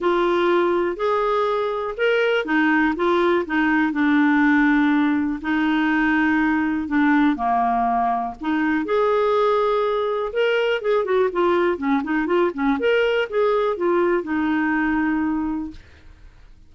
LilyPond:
\new Staff \with { instrumentName = "clarinet" } { \time 4/4 \tempo 4 = 122 f'2 gis'2 | ais'4 dis'4 f'4 dis'4 | d'2. dis'4~ | dis'2 d'4 ais4~ |
ais4 dis'4 gis'2~ | gis'4 ais'4 gis'8 fis'8 f'4 | cis'8 dis'8 f'8 cis'8 ais'4 gis'4 | f'4 dis'2. | }